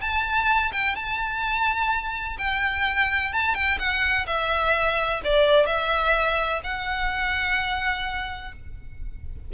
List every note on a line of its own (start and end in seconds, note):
0.00 0.71 A5
0.72 0.95 G5
0.95 2.37 A5
2.38 3.32 G5
3.33 3.54 A5
3.54 3.78 G5
3.79 4.26 F#5
4.26 5.21 E5
5.24 5.66 D5
5.66 6.61 E5
6.63 8.52 F#5